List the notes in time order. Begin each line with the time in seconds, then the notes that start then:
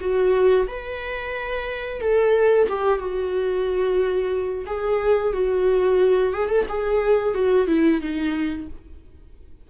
0.00 F#4
0.68 B4
2.01 A4
2.69 G4
2.98 F#4
4.66 G#4
5.33 F#4
6.33 G#4
6.49 A4
6.69 G#4
7.34 F#4
7.67 E4
8.01 D#4